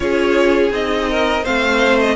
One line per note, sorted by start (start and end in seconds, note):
0.00 0.70 C#4
0.00 0.70 F4
0.00 1.10 G#4
0.00 0.71 C#5
0.70 1.43 C4
0.70 1.42 D#4
0.70 1.45 D#5
1.10 1.43 A#4
1.43 2.16 A3
1.43 2.15 C4
1.43 2.15 C5
1.43 1.99 F5
1.99 2.16 D#5